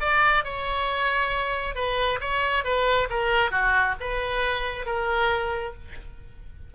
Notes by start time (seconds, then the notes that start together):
0.00 D5
0.44 C#5
1.75 B4
2.20 C#5
2.64 B4
3.09 A#4
3.51 F#4
4.00 B4
4.85 A#4